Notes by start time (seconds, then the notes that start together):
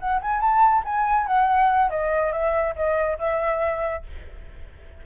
0.00 F#5
0.21 G#5
0.40 A5
0.85 G#5
1.27 F#5
1.90 D#5
2.32 E5
2.76 D#5
3.18 E5